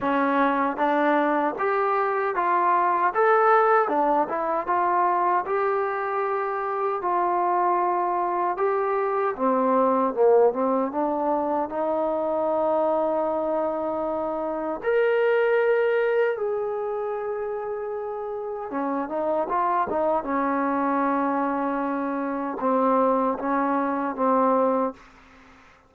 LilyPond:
\new Staff \with { instrumentName = "trombone" } { \time 4/4 \tempo 4 = 77 cis'4 d'4 g'4 f'4 | a'4 d'8 e'8 f'4 g'4~ | g'4 f'2 g'4 | c'4 ais8 c'8 d'4 dis'4~ |
dis'2. ais'4~ | ais'4 gis'2. | cis'8 dis'8 f'8 dis'8 cis'2~ | cis'4 c'4 cis'4 c'4 | }